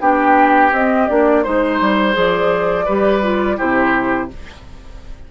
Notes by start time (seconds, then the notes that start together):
0.00 B3 D4 G4 G5
0.72 C4 D#5
1.07 A#3 D4 D5
1.43 G#3 D#4 C5
1.81 G3
2.12 F3 G#4
2.19 D5
2.85 G3 G4 B4
3.22 F4
3.57 C3 E4 G4 C5